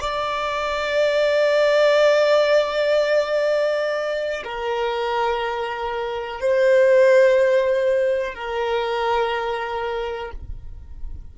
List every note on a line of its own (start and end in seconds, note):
0.00 4.43 D5
4.44 6.40 A#4
6.40 8.34 C5
8.34 10.31 A#4